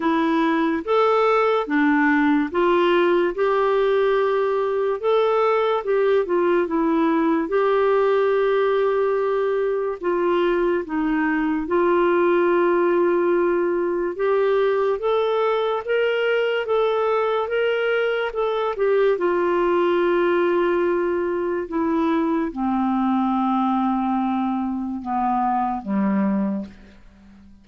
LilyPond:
\new Staff \with { instrumentName = "clarinet" } { \time 4/4 \tempo 4 = 72 e'4 a'4 d'4 f'4 | g'2 a'4 g'8 f'8 | e'4 g'2. | f'4 dis'4 f'2~ |
f'4 g'4 a'4 ais'4 | a'4 ais'4 a'8 g'8 f'4~ | f'2 e'4 c'4~ | c'2 b4 g4 | }